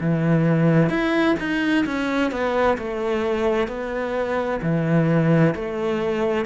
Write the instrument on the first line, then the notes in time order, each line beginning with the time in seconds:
cello
0.00 E3
0.89 E4
1.39 D#4
1.85 C#4
2.31 B3
2.78 A3
3.68 B3
4.62 E3
5.55 A3